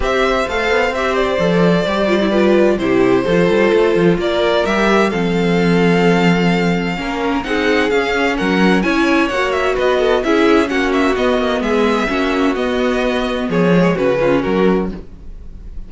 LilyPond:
<<
  \new Staff \with { instrumentName = "violin" } { \time 4/4 \tempo 4 = 129 e''4 f''4 e''8 d''4.~ | d''2 c''2~ | c''4 d''4 e''4 f''4~ | f''1 |
fis''4 f''4 fis''4 gis''4 | fis''8 e''8 dis''4 e''4 fis''8 e''8 | dis''4 e''2 dis''4~ | dis''4 cis''4 b'4 ais'4 | }
  \new Staff \with { instrumentName = "violin" } { \time 4/4 c''1~ | c''4 b'4 g'4 a'4~ | a'4 ais'2 a'4~ | a'2. ais'4 |
gis'2 ais'4 cis''4~ | cis''4 b'8 a'8 gis'4 fis'4~ | fis'4 gis'4 fis'2~ | fis'4 gis'4 fis'8 f'8 fis'4 | }
  \new Staff \with { instrumentName = "viola" } { \time 4/4 g'4 a'4 g'4 a'4 | g'8 f'16 e'16 f'4 e'4 f'4~ | f'2 g'4 c'4~ | c'2. cis'4 |
dis'4 cis'2 e'4 | fis'2 e'4 cis'4 | b2 cis'4 b4~ | b4. gis8 cis'2 | }
  \new Staff \with { instrumentName = "cello" } { \time 4/4 c'4 a8 b8 c'4 f4 | g2 c4 f8 g8 | a8 f8 ais4 g4 f4~ | f2. ais4 |
c'4 cis'4 fis4 cis'4 | ais4 b4 cis'4 ais4 | b8 ais8 gis4 ais4 b4~ | b4 f4 cis4 fis4 | }
>>